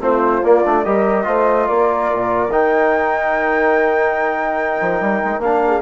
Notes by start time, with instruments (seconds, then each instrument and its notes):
0.00 bassoon A3, trombone C4, horn F4, flute C5
0.43 bassoon A#3, trombone A#3, flute D5
0.65 bassoon A3, trombone D4
0.84 bassoon G3, trombone G4, horn A#4, flute D#5
1.24 bassoon A3, trombone F4, horn C5
1.68 bassoon A#3, horn A#4, flute D5
2.13 bassoon A#2
2.49 bassoon D#3, trombone D#4, flute G5
4.81 bassoon F3
5.00 bassoon G3
5.24 bassoon G#3
5.39 bassoon A#3, trombone D4, flute F5
5.66 horn G#4